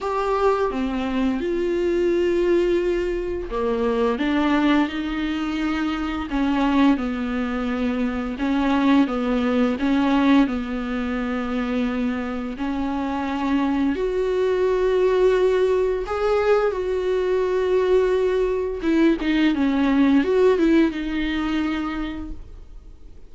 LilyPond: \new Staff \with { instrumentName = "viola" } { \time 4/4 \tempo 4 = 86 g'4 c'4 f'2~ | f'4 ais4 d'4 dis'4~ | dis'4 cis'4 b2 | cis'4 b4 cis'4 b4~ |
b2 cis'2 | fis'2. gis'4 | fis'2. e'8 dis'8 | cis'4 fis'8 e'8 dis'2 | }